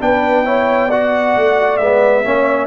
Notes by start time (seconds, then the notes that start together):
0.00 B3 D4 B4 G5
0.45 E4 C#5
0.88 F#4 D5 F#5
1.35 A3
1.77 G#3 B3 E5
2.24 A#3 C#4 C#5